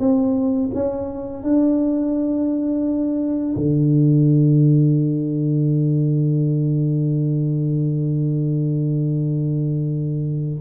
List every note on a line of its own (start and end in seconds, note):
0.00 0.71 C4
0.74 1.44 C#4
1.44 3.56 D4
3.56 10.61 D3